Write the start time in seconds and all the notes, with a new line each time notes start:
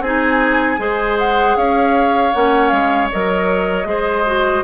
0.00 C4 D#4 G#4 G#5
0.78 G#3 G#4 C5
1.18 F#5
1.56 C#4 C#5 F5
2.33 A#3 C#4 F#5
2.69 G#3 F5
3.10 F#3 A#4 D#5
3.85 G#3 G#4 C5
4.26 F#4